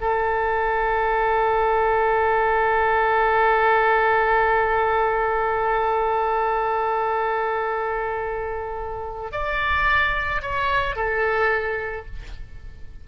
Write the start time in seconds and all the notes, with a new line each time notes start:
0.00 A4
9.31 D5
10.41 C#5
10.95 A4